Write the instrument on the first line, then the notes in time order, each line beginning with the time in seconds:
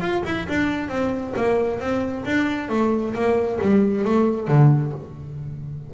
double bass
0.00 F4
0.25 E4
0.49 D4
0.89 C4
1.36 A#3
1.80 C4
2.25 D4
2.69 A3
3.14 A#3
3.61 G3
4.05 A3
4.48 D3